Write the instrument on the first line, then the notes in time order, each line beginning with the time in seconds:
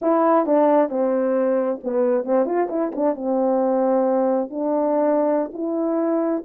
horn
0.01 E4
0.46 D4
0.89 C4
1.83 B3
2.24 C4
2.45 F4
2.69 E4
2.95 D4
3.15 C4
4.49 D4
5.53 E4